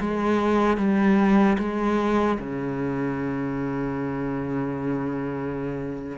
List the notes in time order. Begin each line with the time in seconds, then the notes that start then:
0.00 G#3
0.77 G3
1.58 G#3
2.39 C#3